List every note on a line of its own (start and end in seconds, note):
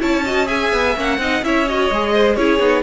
0.00 0.73 C#4
0.00 0.24 E4
0.00 0.24 C#5
0.00 0.48 A5
0.25 0.46 F#4
0.25 0.47 D#5
0.46 0.93 G#4
0.46 1.18 E5
0.46 0.95 G#5
0.73 0.96 B3
0.96 1.18 A#3
0.96 1.20 C#4
0.96 1.44 F#5
1.18 1.41 C4
1.18 1.43 D#4
1.18 1.45 D#5
1.42 1.89 C#4
1.42 1.67 E4
1.42 2.13 C#5
1.42 1.68 E5
1.68 1.92 F#4
1.68 2.35 D#5
1.91 2.37 G#3
1.91 2.38 G#4
2.13 2.37 C5
2.35 2.60 C#4
2.35 2.60 E4
2.35 2.83 G#4
2.35 2.83 C#5
2.60 2.83 B3
2.60 2.83 D#4